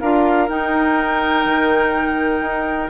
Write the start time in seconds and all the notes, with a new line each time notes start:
0.00 D4 F4 A#4 F5
0.48 D#4 G5
1.45 D#3
2.40 D#4